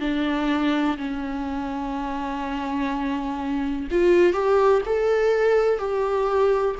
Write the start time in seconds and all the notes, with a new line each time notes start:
0.00 D4
0.97 C#4
3.91 F4
4.33 G4
4.85 A4
5.78 G4